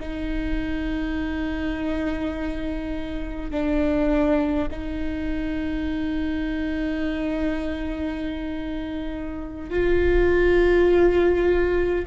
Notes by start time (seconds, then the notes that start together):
0.00 D#4
3.51 D4
4.71 D#4
9.71 F4